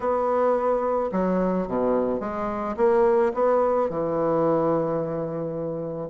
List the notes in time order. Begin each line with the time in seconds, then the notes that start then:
0.00 B3
1.12 F#3
1.67 B2
2.19 G#3
2.76 A#3
3.34 B3
3.89 E3